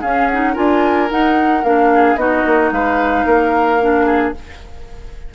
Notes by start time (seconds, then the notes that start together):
0.00 C#4 G#4 F5
0.27 D#4 F#5
0.52 D4 F4 A#4 G#5
1.09 D#4 F#5
1.63 A#3 D4 F5
1.94 G#4
2.15 B3 D#4 F#4 D#5
2.45 A#3
2.71 G#3 B4 F5
3.25 A#3 A#4
3.80 D4
4.05 G#4